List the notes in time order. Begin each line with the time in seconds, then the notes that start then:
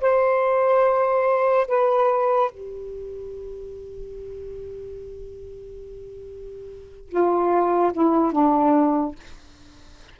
0.00 C5
1.67 B4
2.50 G4
7.08 F4
7.92 E4
8.31 D4